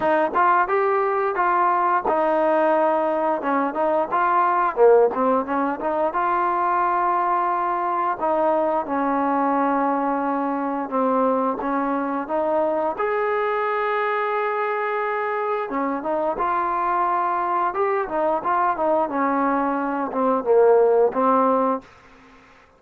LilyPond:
\new Staff \with { instrumentName = "trombone" } { \time 4/4 \tempo 4 = 88 dis'8 f'8 g'4 f'4 dis'4~ | dis'4 cis'8 dis'8 f'4 ais8 c'8 | cis'8 dis'8 f'2. | dis'4 cis'2. |
c'4 cis'4 dis'4 gis'4~ | gis'2. cis'8 dis'8 | f'2 g'8 dis'8 f'8 dis'8 | cis'4. c'8 ais4 c'4 | }